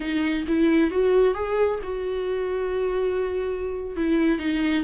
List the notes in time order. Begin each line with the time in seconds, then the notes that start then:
0.00 D#4
0.47 E4
0.90 F#4
1.34 G#4
1.83 F#4
3.96 E4
4.39 D#4